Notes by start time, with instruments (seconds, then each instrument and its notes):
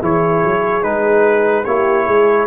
0.00 tuba E3, trombone E4, horn G#4, trumpet C#5
0.43 tuba F#3
0.82 tuba G#3, trombone D#4, trumpet B4
1.64 tuba A#3, trombone E4, horn G4, trumpet C#5
2.05 tuba G#3, horn G#4